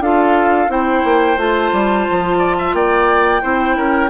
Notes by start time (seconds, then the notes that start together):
0.00 D4 F4 A4 F5
0.69 C4 E4 C5 G5
1.05 A#3
1.37 A3 F4 A5
1.73 G3
2.11 F3
2.38 D5
2.59 E5
2.74 A#3 D5 G5
3.42 C4 E4 C5
3.77 C#4 A#4